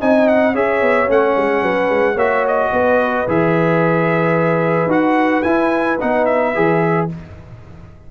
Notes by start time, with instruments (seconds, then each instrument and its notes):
0.00 tuba C4, trombone D#4, horn D#5, trumpet G#5
0.28 trumpet F#5
0.54 tuba C#4, trombone G#4, horn C#5, trumpet E5
0.82 tuba B3
1.07 tuba A3, trombone C#4, trumpet F#5
1.37 tuba G#3
1.62 tuba F#3, horn B4
1.90 tuba G#3
2.15 tuba A#3, trombone F#4, horn C#5, trumpet E5
2.48 trumpet D#5
2.72 tuba B3, horn B4
3.28 tuba E3, trombone G#4, trumpet E5
4.86 tuba D#4, trombone F#4, trumpet F#5
5.43 tuba E4, trombone E4, trumpet G#5
6.00 tuba B3, trombone D#4, trumpet F#5
6.26 trumpet E5
6.55 tuba E3, trombone G#4